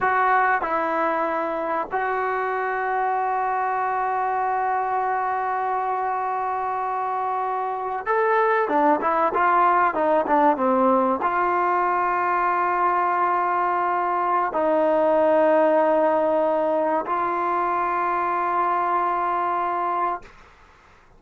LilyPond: \new Staff \with { instrumentName = "trombone" } { \time 4/4 \tempo 4 = 95 fis'4 e'2 fis'4~ | fis'1~ | fis'1~ | fis'8. a'4 d'8 e'8 f'4 dis'16~ |
dis'16 d'8 c'4 f'2~ f'16~ | f'2. dis'4~ | dis'2. f'4~ | f'1 | }